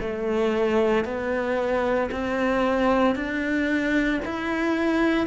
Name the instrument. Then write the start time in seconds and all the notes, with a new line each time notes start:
cello
0.00 A3
1.04 B3
2.11 C4
3.15 D4
4.25 E4